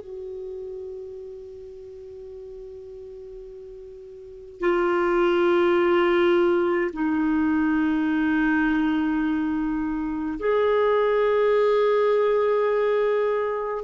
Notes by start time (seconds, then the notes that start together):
0.00 F#4
4.60 F4
6.93 D#4
10.39 G#4